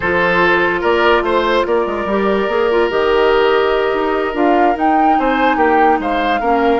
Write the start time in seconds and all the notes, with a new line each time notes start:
0.00 F3 F4 A4 C5
0.80 A#3 A#4 D5
1.21 A3 C5
1.66 A#3 A#4 D5
1.85 G#3
2.05 G3 G4
2.48 A#3 G#4
2.70 F4
2.89 D#3 G4 D#5
3.93 D#4
4.34 D4 F4 F5
4.74 D#4 G5
5.18 C4 C5 G#5
5.56 A#3 G4 G5
5.99 G#3 C5 F5
6.40 A#3 C#4 A#4